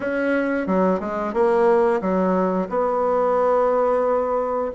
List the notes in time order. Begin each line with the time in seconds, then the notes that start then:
0.00 C#4
0.66 F#3
0.99 G#3
1.33 A#3
2.01 F#3
2.69 B3